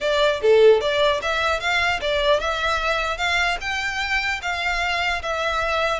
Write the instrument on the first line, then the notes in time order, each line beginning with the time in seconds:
violin
0.00 D5
0.42 A4
0.81 D5
1.22 E5
1.60 F5
2.01 D5
2.40 E5
3.17 F5
3.61 G5
4.42 F5
5.22 E5